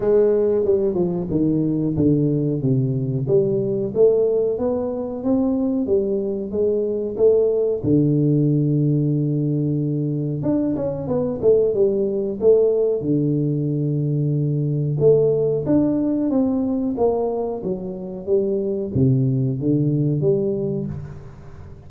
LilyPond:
\new Staff \with { instrumentName = "tuba" } { \time 4/4 \tempo 4 = 92 gis4 g8 f8 dis4 d4 | c4 g4 a4 b4 | c'4 g4 gis4 a4 | d1 |
d'8 cis'8 b8 a8 g4 a4 | d2. a4 | d'4 c'4 ais4 fis4 | g4 c4 d4 g4 | }